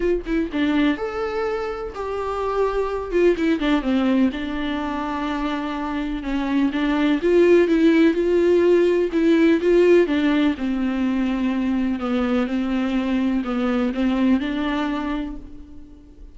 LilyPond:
\new Staff \with { instrumentName = "viola" } { \time 4/4 \tempo 4 = 125 f'8 e'8 d'4 a'2 | g'2~ g'8 f'8 e'8 d'8 | c'4 d'2.~ | d'4 cis'4 d'4 f'4 |
e'4 f'2 e'4 | f'4 d'4 c'2~ | c'4 b4 c'2 | b4 c'4 d'2 | }